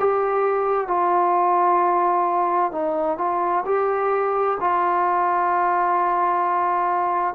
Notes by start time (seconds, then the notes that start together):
0.00 G4
0.88 F4
2.72 D#4
3.18 F4
3.66 G4
4.61 F4